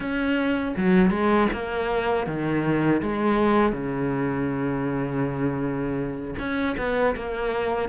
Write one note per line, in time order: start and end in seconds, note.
0.00 0.74 C#4
0.76 1.10 F#3
1.10 1.48 G#3
1.52 2.26 A#3
2.26 3.01 D#3
3.01 3.72 G#3
3.72 6.34 C#3
6.38 6.76 C#4
6.77 7.15 B3
7.15 7.88 A#3